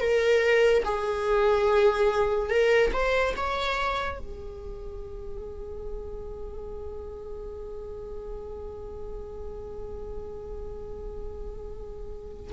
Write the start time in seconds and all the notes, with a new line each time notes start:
0.00 A#4
0.84 G#4
2.49 A#4
2.93 C5
3.36 C#5
4.19 G#4